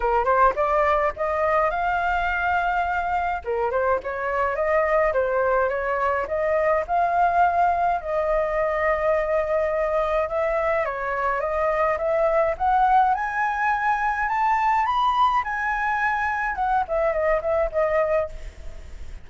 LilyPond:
\new Staff \with { instrumentName = "flute" } { \time 4/4 \tempo 4 = 105 ais'8 c''8 d''4 dis''4 f''4~ | f''2 ais'8 c''8 cis''4 | dis''4 c''4 cis''4 dis''4 | f''2 dis''2~ |
dis''2 e''4 cis''4 | dis''4 e''4 fis''4 gis''4~ | gis''4 a''4 b''4 gis''4~ | gis''4 fis''8 e''8 dis''8 e''8 dis''4 | }